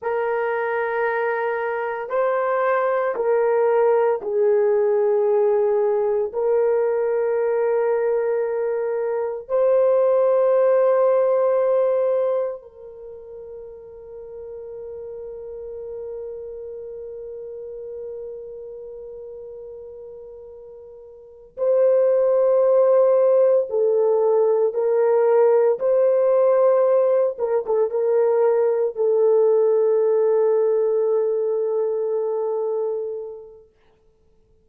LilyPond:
\new Staff \with { instrumentName = "horn" } { \time 4/4 \tempo 4 = 57 ais'2 c''4 ais'4 | gis'2 ais'2~ | ais'4 c''2. | ais'1~ |
ais'1~ | ais'8 c''2 a'4 ais'8~ | ais'8 c''4. ais'16 a'16 ais'4 a'8~ | a'1 | }